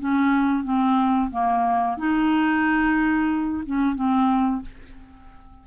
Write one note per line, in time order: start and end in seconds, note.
0.00 0.64 C#4
0.64 1.31 C4
1.31 1.98 A#3
1.98 3.64 D#4
3.66 3.95 C#4
3.95 4.62 C4